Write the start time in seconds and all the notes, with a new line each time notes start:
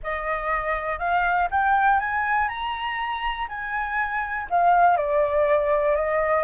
0.03 D#5
0.98 F5
1.50 G5
1.99 G#5
2.48 A#5
3.48 G#5
4.50 F5
4.97 D5
5.95 D#5